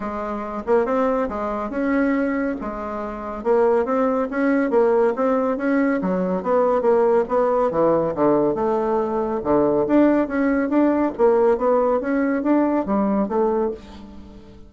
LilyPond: \new Staff \with { instrumentName = "bassoon" } { \time 4/4 \tempo 4 = 140 gis4. ais8 c'4 gis4 | cis'2 gis2 | ais4 c'4 cis'4 ais4 | c'4 cis'4 fis4 b4 |
ais4 b4 e4 d4 | a2 d4 d'4 | cis'4 d'4 ais4 b4 | cis'4 d'4 g4 a4 | }